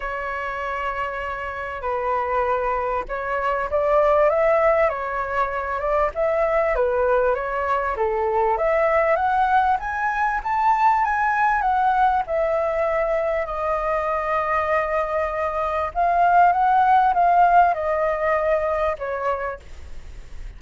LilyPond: \new Staff \with { instrumentName = "flute" } { \time 4/4 \tempo 4 = 98 cis''2. b'4~ | b'4 cis''4 d''4 e''4 | cis''4. d''8 e''4 b'4 | cis''4 a'4 e''4 fis''4 |
gis''4 a''4 gis''4 fis''4 | e''2 dis''2~ | dis''2 f''4 fis''4 | f''4 dis''2 cis''4 | }